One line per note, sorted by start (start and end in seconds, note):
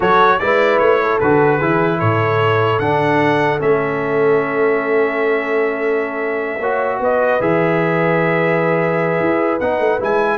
0.00 0.40 F#3
0.00 0.40 F#4
0.00 0.39 A4
0.00 0.39 C#5
0.39 0.80 G#3
0.39 1.21 E4
0.39 1.02 B4
0.39 0.78 D5
0.78 1.20 A3
0.78 1.18 C#5
1.02 1.57 A4
1.20 1.61 D3
1.20 1.60 F#4
1.20 1.99 B4
1.57 2.01 E3
1.57 2.80 E4
1.57 1.97 G#4
1.98 2.79 A2
1.98 6.58 A4
1.98 2.79 C#5
2.79 3.59 D3
2.79 3.59 D4
2.79 3.59 F#5
3.59 6.59 A3
3.59 6.59 C#4
3.59 7.01 E5
6.59 6.99 A#3
6.59 7.40 F#4
6.59 6.99 C#5
6.99 7.39 B3
6.99 10.38 B4
6.99 7.41 D#5
7.40 9.20 E3
7.40 9.60 G#4
7.40 9.59 E5
9.20 9.60 E4
9.59 9.79 B3
9.59 9.99 D#4
9.59 9.99 F#5
9.79 9.99 A3
9.99 10.38 G#3
9.99 10.38 E4
9.99 10.38 G#5